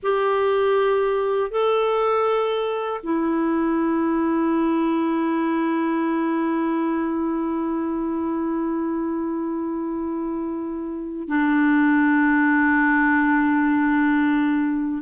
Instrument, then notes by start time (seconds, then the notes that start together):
clarinet
0.02 G4
1.50 A4
3.03 E4
11.27 D4